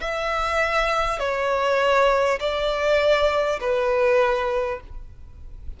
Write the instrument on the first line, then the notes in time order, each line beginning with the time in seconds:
violin
0.00 E5
1.19 C#5
2.39 D5
3.60 B4